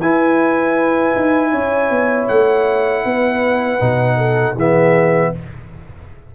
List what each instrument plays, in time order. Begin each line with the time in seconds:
0.00 tuba E4, trombone E4, horn B4, trumpet G#5
1.15 tuba D#4
1.51 tuba C#4, horn C#5
1.90 tuba B3
2.28 tuba A3, trumpet F#5
3.04 tuba B3, horn B4
3.79 tuba B2, trombone D#4
4.17 horn A4
4.54 tuba E3, trombone B3, horn G#4, trumpet E5